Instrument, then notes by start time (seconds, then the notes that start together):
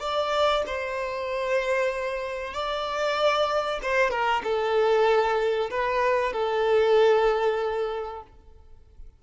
violin
0.00 D5
0.67 C5
2.53 D5
3.82 C5
4.11 A#4
4.44 A4
5.70 B4
6.33 A4